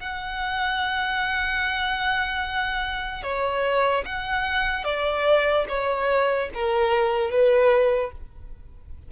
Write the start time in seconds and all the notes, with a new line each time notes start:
0.00 F#5
3.23 C#5
4.06 F#5
4.85 D5
5.69 C#5
6.55 A#4
7.31 B4